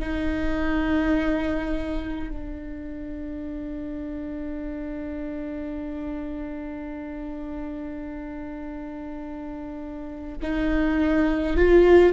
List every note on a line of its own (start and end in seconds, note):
0.00 2.30 D#4
2.30 10.38 D4
10.43 11.57 D#4
11.57 12.13 F4